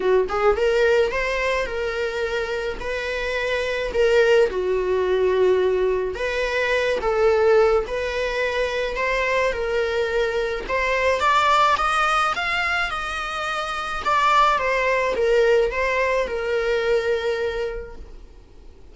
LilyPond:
\new Staff \with { instrumentName = "viola" } { \time 4/4 \tempo 4 = 107 fis'8 gis'8 ais'4 c''4 ais'4~ | ais'4 b'2 ais'4 | fis'2. b'4~ | b'8 a'4. b'2 |
c''4 ais'2 c''4 | d''4 dis''4 f''4 dis''4~ | dis''4 d''4 c''4 ais'4 | c''4 ais'2. | }